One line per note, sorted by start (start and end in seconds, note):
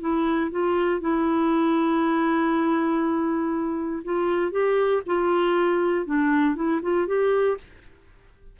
0.00 0.50 E4
0.51 1.00 F4
1.00 4.03 E4
4.04 4.51 F4
4.51 5.02 G4
5.06 6.05 F4
6.05 6.55 D4
6.55 6.80 E4
6.82 7.07 F4
7.07 7.57 G4